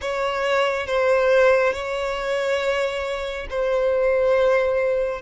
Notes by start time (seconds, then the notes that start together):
0.01 C#5
0.87 C5
1.73 C#5
3.49 C5